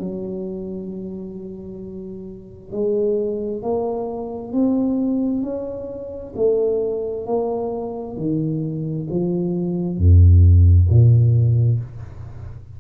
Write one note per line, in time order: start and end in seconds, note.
0.00 2.72 F#3
2.72 3.62 G#3
3.62 4.52 A#3
4.52 5.43 C4
5.43 6.33 C#4
6.36 7.26 A3
7.26 8.17 A#3
8.17 9.08 D#3
9.10 9.98 F3
9.98 10.88 F2
10.89 11.80 A#2